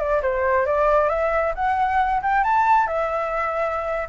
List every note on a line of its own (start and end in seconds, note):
0.00 0.22 D5
0.23 0.67 C5
0.67 1.10 D5
1.10 1.54 E5
1.56 2.22 F#5
2.23 2.44 G5
2.44 2.87 A5
2.87 4.09 E5